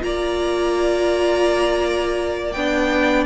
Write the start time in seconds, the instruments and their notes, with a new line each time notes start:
0.00 cello A#3, viola F4, violin D5 A#5
2.52 cello B3, viola D4, violin G5